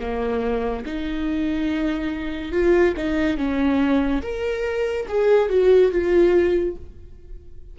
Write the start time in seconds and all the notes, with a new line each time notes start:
0.00 A#3
0.86 D#4
2.52 F4
2.97 D#4
3.37 C#4
4.22 A#4
5.08 G#4
5.50 F#4
5.92 F4